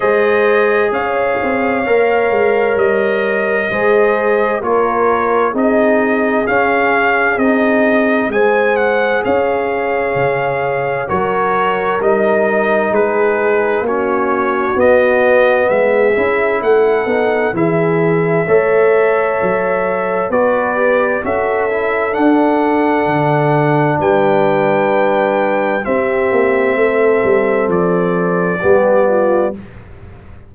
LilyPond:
<<
  \new Staff \with { instrumentName = "trumpet" } { \time 4/4 \tempo 4 = 65 dis''4 f''2 dis''4~ | dis''4 cis''4 dis''4 f''4 | dis''4 gis''8 fis''8 f''2 | cis''4 dis''4 b'4 cis''4 |
dis''4 e''4 fis''4 e''4~ | e''2 d''4 e''4 | fis''2 g''2 | e''2 d''2 | }
  \new Staff \with { instrumentName = "horn" } { \time 4/4 c''4 cis''2. | c''4 ais'4 gis'2~ | gis'4 c''4 cis''2 | ais'2 gis'4 fis'4~ |
fis'4 gis'4 a'4 gis'4 | cis''2 b'4 a'4~ | a'2 b'2 | g'4 a'2 g'8 f'8 | }
  \new Staff \with { instrumentName = "trombone" } { \time 4/4 gis'2 ais'2 | gis'4 f'4 dis'4 cis'4 | dis'4 gis'2. | fis'4 dis'2 cis'4 |
b4. e'4 dis'8 e'4 | a'2 fis'8 g'8 fis'8 e'8 | d'1 | c'2. b4 | }
  \new Staff \with { instrumentName = "tuba" } { \time 4/4 gis4 cis'8 c'8 ais8 gis8 g4 | gis4 ais4 c'4 cis'4 | c'4 gis4 cis'4 cis4 | fis4 g4 gis4 ais4 |
b4 gis8 cis'8 a8 b8 e4 | a4 fis4 b4 cis'4 | d'4 d4 g2 | c'8 ais8 a8 g8 f4 g4 | }
>>